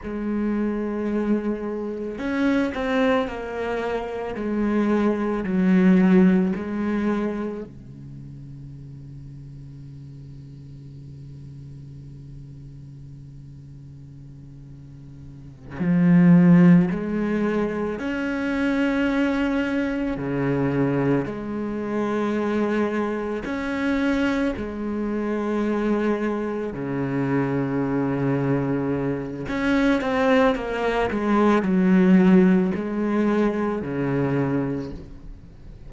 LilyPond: \new Staff \with { instrumentName = "cello" } { \time 4/4 \tempo 4 = 55 gis2 cis'8 c'8 ais4 | gis4 fis4 gis4 cis4~ | cis1~ | cis2~ cis8 f4 gis8~ |
gis8 cis'2 cis4 gis8~ | gis4. cis'4 gis4.~ | gis8 cis2~ cis8 cis'8 c'8 | ais8 gis8 fis4 gis4 cis4 | }